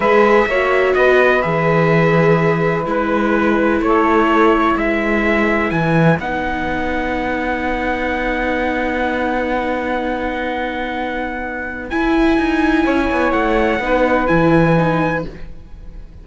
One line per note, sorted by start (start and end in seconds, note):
0.00 0.45 G#3
0.00 0.49 G#4
0.00 0.47 B4
0.00 0.94 E5
0.46 0.94 A#3
0.46 1.41 F#4
0.46 0.95 C#5
0.94 1.43 B3
0.94 3.83 B4
0.94 1.41 D#5
1.41 2.86 E3
1.41 2.84 G#4
1.41 2.84 E5
2.85 3.80 G#3
2.85 6.18 E4
2.85 3.82 B4
3.80 4.75 A3
3.80 4.75 A4
3.80 4.77 C#5
4.75 5.71 G#3
4.75 12.84 B4
4.75 5.70 E5
5.70 6.18 E3
5.70 6.18 G#5
6.19 11.90 B3
6.19 11.90 D#4
6.19 11.89 F#5
11.89 13.80 E4
11.89 12.37 E4
11.89 13.32 G#5
12.37 12.85 D#4
12.84 13.10 C#4
12.84 13.79 C#5
13.11 13.32 B3
13.32 13.79 A3
13.32 14.26 F#5
13.79 14.26 B3
13.79 14.27 D#4
13.79 15.26 B4
14.26 15.24 E3
14.26 14.75 E4
14.26 15.22 G#5
14.77 15.24 D#4